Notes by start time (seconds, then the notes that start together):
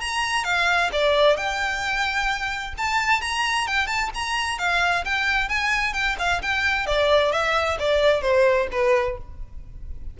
0.00 A#5
0.44 F5
0.92 D5
1.36 G5
2.77 A5
3.21 A#5
3.67 G5
3.87 A5
4.14 A#5
4.58 F5
5.04 G5
5.49 G#5
5.93 G5
6.19 F5
6.42 G5
6.86 D5
7.32 E5
7.79 D5
8.22 C5
8.71 B4